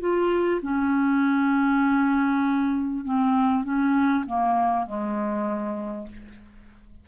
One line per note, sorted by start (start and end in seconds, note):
0.00 0.61 F4
0.62 3.04 C#4
3.05 3.64 C4
3.64 4.24 C#4
4.26 4.86 A#3
4.86 6.07 G#3